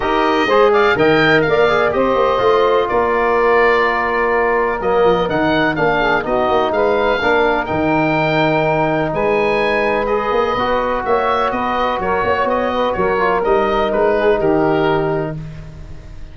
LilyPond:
<<
  \new Staff \with { instrumentName = "oboe" } { \time 4/4 \tempo 4 = 125 dis''4. f''8 g''4 f''4 | dis''2 d''2~ | d''2 dis''4 fis''4 | f''4 dis''4 f''2 |
g''2. gis''4~ | gis''4 dis''2 e''4 | dis''4 cis''4 dis''4 cis''4 | dis''4 b'4 ais'2 | }
  \new Staff \with { instrumentName = "saxophone" } { \time 4/4 ais'4 c''8 d''8 dis''4 d''4 | c''2 ais'2~ | ais'1~ | ais'8 gis'8 fis'4 b'4 ais'4~ |
ais'2. b'4~ | b'2. cis''4 | b'4 ais'8 cis''4 b'8 ais'4~ | ais'4. gis'8 g'2 | }
  \new Staff \with { instrumentName = "trombone" } { \time 4/4 g'4 gis'4 ais'4. gis'8 | g'4 f'2.~ | f'2 ais4 dis'4 | d'4 dis'2 d'4 |
dis'1~ | dis'4 gis'4 fis'2~ | fis'2.~ fis'8 f'8 | dis'1 | }
  \new Staff \with { instrumentName = "tuba" } { \time 4/4 dis'4 gis4 dis4 ais4 | c'8 ais8 a4 ais2~ | ais2 fis8 f8 dis4 | ais4 b8 ais8 gis4 ais4 |
dis2. gis4~ | gis4. ais8 b4 ais4 | b4 fis8 ais8 b4 fis4 | g4 gis4 dis2 | }
>>